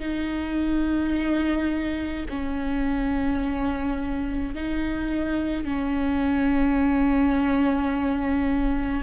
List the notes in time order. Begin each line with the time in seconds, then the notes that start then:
0.00 D#4
2.30 C#4
4.55 D#4
5.65 C#4